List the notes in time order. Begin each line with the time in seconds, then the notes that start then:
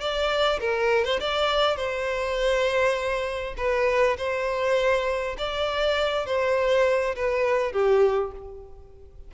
0.00 D5
0.60 A#4
1.05 C5
1.20 D5
1.76 C5
3.57 B4
4.17 C5
5.38 D5
6.26 C5
7.15 B4
7.72 G4